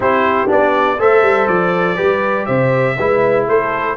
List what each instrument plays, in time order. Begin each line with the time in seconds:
0.00 tuba C4, trombone E4, horn G4, trumpet C5
0.47 tuba B3, trombone D4, trumpet D5
0.98 tuba A3, trombone A4, horn C5, trumpet E5
1.22 tuba G3
1.47 tuba F3, trumpet D5
1.96 tuba G3, trombone G4, horn B4
2.45 tuba C3, horn C5, trumpet E5
2.96 tuba G#3, trombone E4, horn B4
3.48 tuba A3, horn A4, trumpet C5